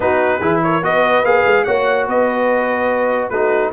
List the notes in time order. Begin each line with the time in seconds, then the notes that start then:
0.00 B3 D#4 F#4 B4
0.39 E3 E4 G#4
0.63 A#4 C#5
0.81 B3 F#4 B4 D#5
1.22 A#3 G#4 F5
1.45 G#3
1.64 A#3 F#4 C#5 F#5
2.06 B3 B4 D#5
3.29 A3 D#4 F#4 B4